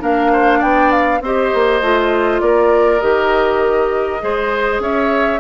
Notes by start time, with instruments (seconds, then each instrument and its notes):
0.00 bassoon A#3, clarinet D4, oboe A#4, flute F5
0.33 oboe C5
0.58 bassoon B3, oboe D5, flute G5
0.92 flute F5
1.21 bassoon C4, clarinet G4, oboe C5, flute D#5
1.54 bassoon A#3
1.81 bassoon A3, clarinet F4
2.41 bassoon A#3, oboe A#4, flute D5
3.00 bassoon D#3, clarinet G4, flute D#5
4.20 bassoon G#3, clarinet G#4, oboe C5
4.79 bassoon C#4, oboe C#5, flute E5